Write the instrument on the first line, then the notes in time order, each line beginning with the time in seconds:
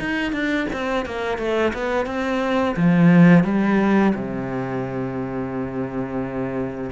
cello
0.00 D#4
0.33 D4
0.73 C4
1.06 A#3
1.38 A3
1.74 B3
2.07 C4
2.77 F3
3.45 G3
4.15 C3